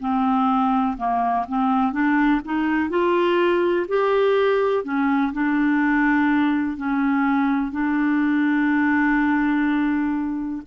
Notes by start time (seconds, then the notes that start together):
0.00 C4
0.97 A#3
1.48 C4
1.92 D4
2.45 D#4
2.89 F4
3.88 G4
4.83 C#4
5.32 D4
6.77 C#4
7.71 D4